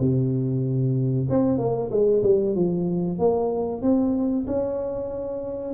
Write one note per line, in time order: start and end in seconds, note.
0.00 1.28 C3
1.30 1.59 C4
1.59 1.91 A#3
1.91 2.23 G#3
2.24 2.56 G3
2.56 3.19 F3
3.19 3.82 A#3
3.82 4.46 C4
4.47 5.74 C#4